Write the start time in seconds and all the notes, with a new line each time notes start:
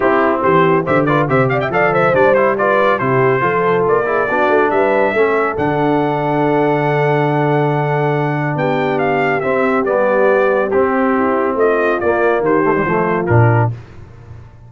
0.00 C4 E4 G4
0.42 E3 G4 C5
0.84 D3 G4 C5 E5
1.05 F4 B4 D5
1.28 C3 G4 C5 E5
1.49 D5 F5
1.60 E5 G5
1.69 F3 A4 D5 F5
1.93 C5 E5
2.13 G3 D4 D5
2.34 E4 C5
2.57 F4 B4 D5
2.99 C3 E4 G4 C5
3.40 F3 F4 A4
3.88 A#3 D5
4.05 E4 G#4
4.27 B3 D4 F#4
4.48 A3
4.70 G3 B4 E5
5.13 A3 C#4 A4
5.56 D3 D4 F#5
8.55 B3 G4 G5
8.98 F5
9.40 C4 E5
9.85 G3 B3 D5
10.70 C4 G4
11.15 E4
11.55 A3 F4 D#5
12.00 A#3 D5
12.40 D#3 G4 C5
12.63 A3
12.75 G3
12.85 F3 A3 F4
13.26 A#2 D4 A#4